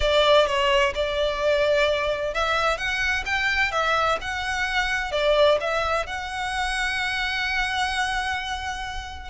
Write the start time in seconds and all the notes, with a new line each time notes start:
0.00 D5
0.47 C#5
0.94 D5
2.34 E5
2.77 F#5
3.25 G5
3.71 E5
4.21 F#5
5.11 D5
5.60 E5
6.06 F#5